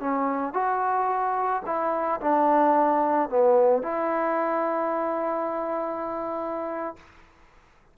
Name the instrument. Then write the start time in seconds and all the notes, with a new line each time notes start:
trombone
0.00 C#4
0.54 F#4
1.66 E4
2.21 D4
3.30 B3
3.83 E4